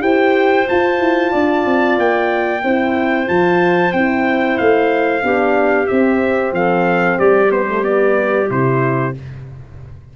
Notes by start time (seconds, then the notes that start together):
0.00 E4 G4 C5 G5
0.66 F4 A5
0.99 E4
1.31 D4 D5
1.65 C4
1.97 A#3 G5
2.63 C4 E4 C5
3.26 F3 F4 A5
3.92 C4 E4 G5
4.57 A3 F5
5.22 B3 D4 G4
5.87 C4 E5
6.52 F3 A4 F5
7.18 G3 G4 D5
7.49 B3 C5
7.66 A3
7.82 B3 D5
8.49 C3 E4 C5